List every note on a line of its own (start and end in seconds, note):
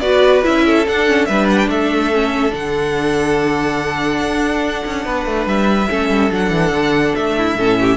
0.00 0.42 B3
0.00 0.43 F#4
0.00 0.65 B4
0.00 0.42 D5
0.43 0.87 C#4
0.43 0.85 E4
0.43 0.87 E5
0.66 1.28 A4
0.87 1.29 D4
0.87 1.07 D4
0.87 1.26 F#5
1.07 1.28 C#4
1.26 1.68 G3
1.26 2.13 D4
1.26 1.70 B4
1.26 1.47 E5
1.50 1.58 F#5
1.58 1.68 G5
1.68 2.52 A3
1.68 5.06 A4
1.68 2.54 E5
2.13 2.50 C#4
2.50 4.21 D3
2.50 5.86 D4
2.50 5.47 F#5
4.21 4.84 D4
4.86 5.06 C#4
5.06 5.26 B3
5.06 5.90 B4
5.26 5.46 A3
5.46 5.88 G3
5.46 6.31 E5
5.89 6.10 A3
5.89 6.31 C#4
5.89 7.37 A4
6.10 6.31 G3
6.31 6.50 F#3
6.31 7.57 D4
6.31 7.15 F#5
6.50 6.71 E3
6.71 7.13 D3
7.15 7.56 A3
7.15 7.97 E5
7.38 7.58 E4
7.56 7.97 A2
7.56 7.97 C#4
7.56 7.79 A4
7.80 7.97 G4